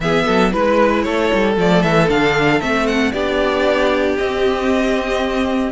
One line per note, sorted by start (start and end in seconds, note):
0.00 0.23 E3
0.00 0.51 B3
0.00 0.25 G#4
0.00 0.52 E5
0.25 0.54 F#3
0.25 0.51 A4
0.51 1.05 G#3
0.51 1.55 E4
0.51 1.02 B4
0.51 1.04 B4
1.02 1.31 A3
1.02 3.12 A4
1.02 1.54 C#5
1.33 1.57 G3
1.57 1.83 F3
1.57 2.08 A3
1.57 1.82 D5
1.82 2.09 E3
1.82 2.08 E5
2.08 2.60 D3
2.08 2.60 D4
2.08 2.60 F5
2.60 3.12 A3
2.60 3.12 C4
2.60 2.86 E5
2.86 3.12 F#5
3.12 4.17 B3
3.12 4.19 D4
3.12 5.72 G4
3.12 4.16 D5
4.17 5.72 C4
4.17 5.72 D#5